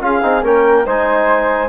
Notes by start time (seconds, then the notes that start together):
0.00 C#4 F4 G#4 F5
0.21 C4 D#4
0.43 A#3 C#4 A#4 G5
0.85 G#3 D#4 C5 G#5